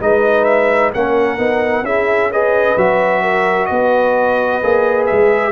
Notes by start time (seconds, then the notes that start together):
0.00 G#3 D#4 B4 D#5
0.44 E5
0.93 A#3 C#4 A#4 F#5
1.38 B3 D#4
1.82 C#4 E4 G#4 E5
2.31 G#4 B4 D#5
2.77 F#3 F#4 E5
3.23 A#4
3.66 B3 B4 D#5
4.62 A#3 G#4
5.07 G#3 E5